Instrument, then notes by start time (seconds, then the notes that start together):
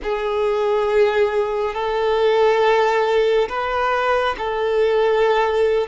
violin
0.03 G#4
1.74 A4
3.48 B4
4.38 A4